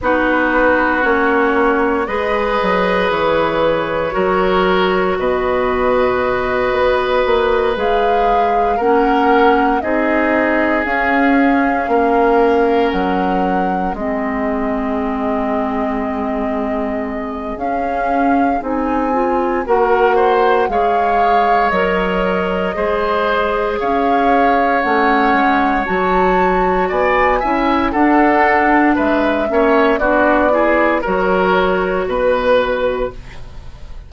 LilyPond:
<<
  \new Staff \with { instrumentName = "flute" } { \time 4/4 \tempo 4 = 58 b'4 cis''4 dis''4 cis''4~ | cis''4 dis''2~ dis''8 f''8~ | f''8 fis''4 dis''4 f''4.~ | f''8 fis''4 dis''2~ dis''8~ |
dis''4 f''4 gis''4 fis''4 | f''4 dis''2 f''4 | fis''4 a''4 gis''4 fis''4 | e''4 d''4 cis''4 b'4 | }
  \new Staff \with { instrumentName = "oboe" } { \time 4/4 fis'2 b'2 | ais'4 b'2.~ | b'8 ais'4 gis'2 ais'8~ | ais'4. gis'2~ gis'8~ |
gis'2. ais'8 c''8 | cis''2 c''4 cis''4~ | cis''2 d''8 e''8 a'4 | b'8 cis''8 fis'8 gis'8 ais'4 b'4 | }
  \new Staff \with { instrumentName = "clarinet" } { \time 4/4 dis'4 cis'4 gis'2 | fis'2.~ fis'8 gis'8~ | gis'8 cis'4 dis'4 cis'4.~ | cis'4. c'2~ c'8~ |
c'4 cis'4 dis'8 f'8 fis'4 | gis'4 ais'4 gis'2 | cis'4 fis'4. e'8 d'4~ | d'8 cis'8 d'8 e'8 fis'2 | }
  \new Staff \with { instrumentName = "bassoon" } { \time 4/4 b4 ais4 gis8 fis8 e4 | fis4 b,4. b8 ais8 gis8~ | gis8 ais4 c'4 cis'4 ais8~ | ais8 fis4 gis2~ gis8~ |
gis4 cis'4 c'4 ais4 | gis4 fis4 gis4 cis'4 | a8 gis8 fis4 b8 cis'8 d'4 | gis8 ais8 b4 fis4 b,4 | }
>>